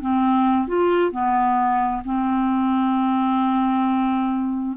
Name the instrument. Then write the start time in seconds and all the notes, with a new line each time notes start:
clarinet
0.00 C4
0.67 F4
1.11 B3
2.04 C4